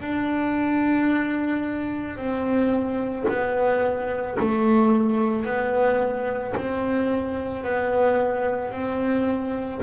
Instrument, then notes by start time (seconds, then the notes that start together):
double bass
0.00 D4
2.16 C4
3.28 B3
4.39 A3
5.45 B3
6.56 C4
7.63 B3
8.71 C4